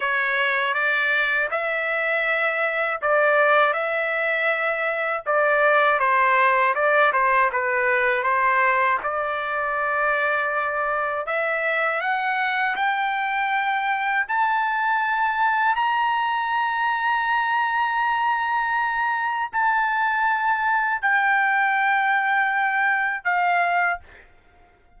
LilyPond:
\new Staff \with { instrumentName = "trumpet" } { \time 4/4 \tempo 4 = 80 cis''4 d''4 e''2 | d''4 e''2 d''4 | c''4 d''8 c''8 b'4 c''4 | d''2. e''4 |
fis''4 g''2 a''4~ | a''4 ais''2.~ | ais''2 a''2 | g''2. f''4 | }